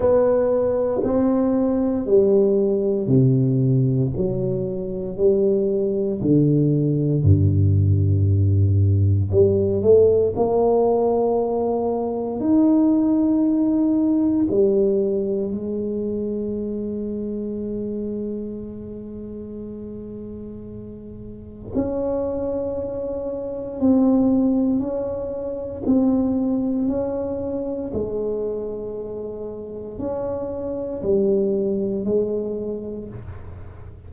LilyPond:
\new Staff \with { instrumentName = "tuba" } { \time 4/4 \tempo 4 = 58 b4 c'4 g4 c4 | fis4 g4 d4 g,4~ | g,4 g8 a8 ais2 | dis'2 g4 gis4~ |
gis1~ | gis4 cis'2 c'4 | cis'4 c'4 cis'4 gis4~ | gis4 cis'4 g4 gis4 | }